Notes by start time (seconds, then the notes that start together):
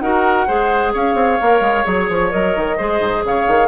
0.00 D#4 F#4 A#4 F#5
0.48 G#3 G#4 C5
0.94 C#4 C#5 F5
1.15 C4
1.41 A#3 A#4
1.61 G#3
1.85 F#3 G#4 C#5
2.10 F3
2.30 F#3 A#4 D#5
2.56 D#3
2.78 G#3 G#4 C5
3.00 G#2
3.25 C#3 C#5 F5
3.48 D#3